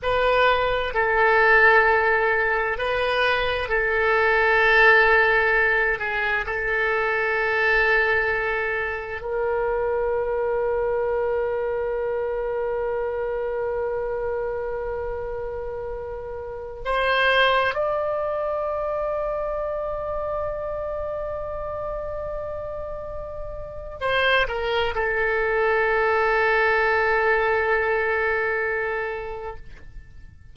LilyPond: \new Staff \with { instrumentName = "oboe" } { \time 4/4 \tempo 4 = 65 b'4 a'2 b'4 | a'2~ a'8 gis'8 a'4~ | a'2 ais'2~ | ais'1~ |
ais'2~ ais'16 c''4 d''8.~ | d''1~ | d''2 c''8 ais'8 a'4~ | a'1 | }